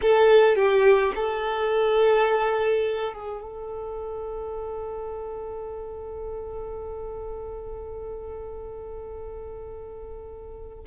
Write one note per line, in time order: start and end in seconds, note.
0.01 0.55 A4
0.55 1.12 G4
1.15 3.13 A4
3.13 3.42 G#4
3.42 10.85 A4